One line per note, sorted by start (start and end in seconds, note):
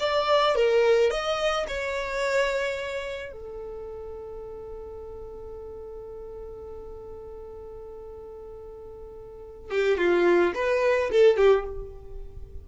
0.00 0.56 D5
0.56 1.11 A#4
1.11 1.66 D#5
1.68 3.32 C#5
3.32 9.71 A4
9.71 9.97 G4
9.97 10.53 F4
10.55 11.10 B4
11.11 11.37 A4
11.37 11.65 G4